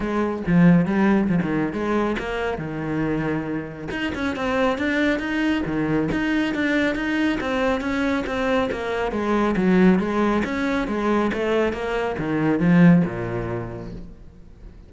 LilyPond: \new Staff \with { instrumentName = "cello" } { \time 4/4 \tempo 4 = 138 gis4 f4 g4 f16 dis8. | gis4 ais4 dis2~ | dis4 dis'8 cis'8 c'4 d'4 | dis'4 dis4 dis'4 d'4 |
dis'4 c'4 cis'4 c'4 | ais4 gis4 fis4 gis4 | cis'4 gis4 a4 ais4 | dis4 f4 ais,2 | }